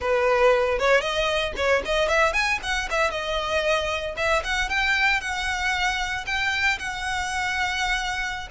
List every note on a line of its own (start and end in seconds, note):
0.00 0.78 B4
0.78 1.00 C#5
1.00 1.52 D#5
1.56 1.82 C#5
1.85 2.08 D#5
2.08 2.33 E5
2.33 2.59 G#5
2.62 2.88 F#5
2.90 3.10 E5
3.10 4.15 D#5
4.16 4.43 E5
4.44 4.69 F#5
4.69 5.21 G5
5.21 6.25 F#5
6.26 6.78 G5
6.78 8.48 F#5